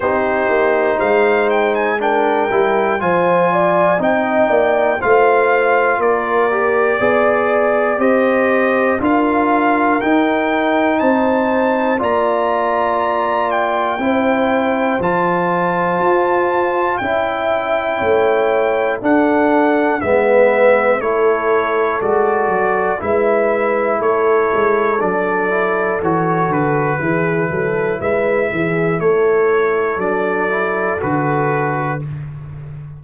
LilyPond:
<<
  \new Staff \with { instrumentName = "trumpet" } { \time 4/4 \tempo 4 = 60 c''4 f''8 g''16 gis''16 g''4 gis''4 | g''4 f''4 d''2 | dis''4 f''4 g''4 a''4 | ais''4. g''4. a''4~ |
a''4 g''2 fis''4 | e''4 cis''4 d''4 e''4 | cis''4 d''4 cis''8 b'4. | e''4 cis''4 d''4 b'4 | }
  \new Staff \with { instrumentName = "horn" } { \time 4/4 g'4 c''4 ais'4 c''8 d''8 | dis''8 d''8 c''4 ais'4 d''4 | c''4 ais'2 c''4 | d''2 c''2~ |
c''4 e''4 cis''4 a'4 | b'4 a'2 b'4 | a'2. gis'8 a'8 | b'8 gis'8 a'2. | }
  \new Staff \with { instrumentName = "trombone" } { \time 4/4 dis'2 d'8 e'8 f'4 | dis'4 f'4. g'8 gis'4 | g'4 f'4 dis'2 | f'2 e'4 f'4~ |
f'4 e'2 d'4 | b4 e'4 fis'4 e'4~ | e'4 d'8 e'8 fis'4 e'4~ | e'2 d'8 e'8 fis'4 | }
  \new Staff \with { instrumentName = "tuba" } { \time 4/4 c'8 ais8 gis4. g8 f4 | c'8 ais8 a4 ais4 b4 | c'4 d'4 dis'4 c'4 | ais2 c'4 f4 |
f'4 cis'4 a4 d'4 | gis4 a4 gis8 fis8 gis4 | a8 gis8 fis4 e8 d8 e8 fis8 | gis8 e8 a4 fis4 d4 | }
>>